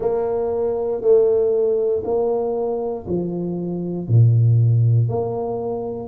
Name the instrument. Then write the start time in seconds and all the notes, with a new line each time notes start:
tuba
0.00 A#3
1.01 A3
2.04 A#3
3.07 F3
4.07 A#2
5.08 A#3